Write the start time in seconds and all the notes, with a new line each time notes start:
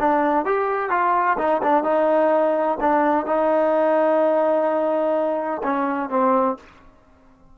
0.00 D4
0.46 G4
0.90 F4
1.39 D#4
1.63 D4
1.84 D#4
2.81 D4
3.26 D#4
5.63 C#4
6.10 C4